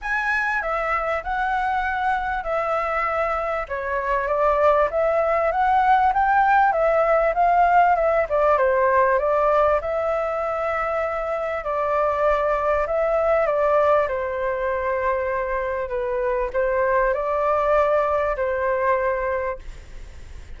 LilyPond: \new Staff \with { instrumentName = "flute" } { \time 4/4 \tempo 4 = 98 gis''4 e''4 fis''2 | e''2 cis''4 d''4 | e''4 fis''4 g''4 e''4 | f''4 e''8 d''8 c''4 d''4 |
e''2. d''4~ | d''4 e''4 d''4 c''4~ | c''2 b'4 c''4 | d''2 c''2 | }